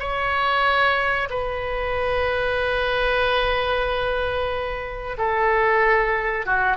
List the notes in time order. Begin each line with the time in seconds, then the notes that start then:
0.00 C#5
1.30 B4
5.18 A4
6.46 F#4